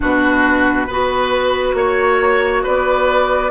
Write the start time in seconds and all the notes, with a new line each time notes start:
0.00 B2 D4 F#4 B4
0.87 B3 F#4 B4
1.74 A#3 C#5
2.63 B3 B4 D5